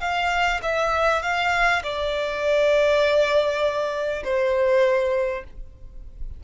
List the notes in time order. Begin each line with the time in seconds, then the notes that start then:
0.00 F5
0.62 E5
1.22 F5
1.83 D5
4.24 C5